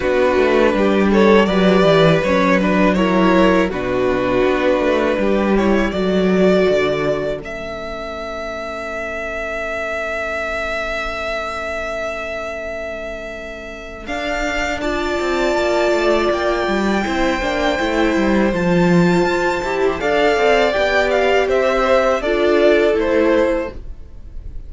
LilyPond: <<
  \new Staff \with { instrumentName = "violin" } { \time 4/4 \tempo 4 = 81 b'4. cis''8 d''4 cis''8 b'8 | cis''4 b'2~ b'8 cis''8 | d''2 e''2~ | e''1~ |
e''2. f''4 | a''2 g''2~ | g''4 a''2 f''4 | g''8 f''8 e''4 d''4 c''4 | }
  \new Staff \with { instrumentName = "violin" } { \time 4/4 fis'4 g'8 a'8 b'2 | ais'4 fis'2 g'4 | a'1~ | a'1~ |
a'1 | d''2. c''4~ | c''2. d''4~ | d''4 c''4 a'2 | }
  \new Staff \with { instrumentName = "viola" } { \time 4/4 d'2 g'4 cis'8 d'8 | e'4 d'2~ d'8 e'8 | fis'2 cis'2~ | cis'1~ |
cis'2. d'4 | f'2. e'8 d'8 | e'4 f'4. g'8 a'4 | g'2 f'4 e'4 | }
  \new Staff \with { instrumentName = "cello" } { \time 4/4 b8 a8 g4 fis8 e8 fis4~ | fis4 b,4 b8 a8 g4 | fis4 d4 a2~ | a1~ |
a2. d'4~ | d'8 c'8 ais8 a8 ais8 g8 c'8 ais8 | a8 g8 f4 f'8 e'8 d'8 c'8 | b4 c'4 d'4 a4 | }
>>